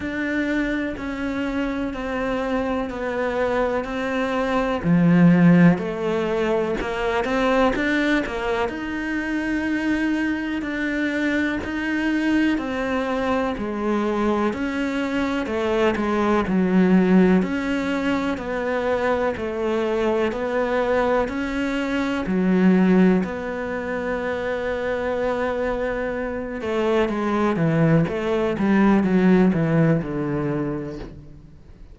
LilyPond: \new Staff \with { instrumentName = "cello" } { \time 4/4 \tempo 4 = 62 d'4 cis'4 c'4 b4 | c'4 f4 a4 ais8 c'8 | d'8 ais8 dis'2 d'4 | dis'4 c'4 gis4 cis'4 |
a8 gis8 fis4 cis'4 b4 | a4 b4 cis'4 fis4 | b2.~ b8 a8 | gis8 e8 a8 g8 fis8 e8 d4 | }